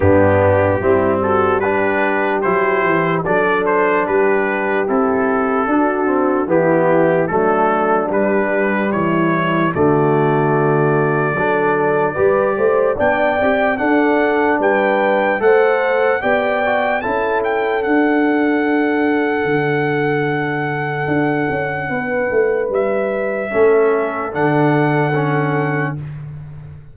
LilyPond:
<<
  \new Staff \with { instrumentName = "trumpet" } { \time 4/4 \tempo 4 = 74 g'4. a'8 b'4 c''4 | d''8 c''8 b'4 a'2 | g'4 a'4 b'4 cis''4 | d''1 |
g''4 fis''4 g''4 fis''4 | g''4 a''8 g''8 fis''2~ | fis''1 | e''2 fis''2 | }
  \new Staff \with { instrumentName = "horn" } { \time 4/4 d'4 e'8 fis'8 g'2 | a'4 g'2 fis'4 | e'4 d'2 e'4 | fis'2 a'4 b'8 c''8 |
d''4 a'4 b'4 c''4 | d''4 a'2.~ | a'2. b'4~ | b'4 a'2. | }
  \new Staff \with { instrumentName = "trombone" } { \time 4/4 b4 c'4 d'4 e'4 | d'2 e'4 d'8 c'8 | b4 a4 g2 | a2 d'4 g'4 |
d'8 g'8 d'2 a'4 | g'8 fis'8 e'4 d'2~ | d'1~ | d'4 cis'4 d'4 cis'4 | }
  \new Staff \with { instrumentName = "tuba" } { \time 4/4 g,4 g2 fis8 e8 | fis4 g4 c'4 d'4 | e4 fis4 g4 e4 | d2 fis4 g8 a8 |
b8 c'8 d'4 g4 a4 | b4 cis'4 d'2 | d2 d'8 cis'8 b8 a8 | g4 a4 d2 | }
>>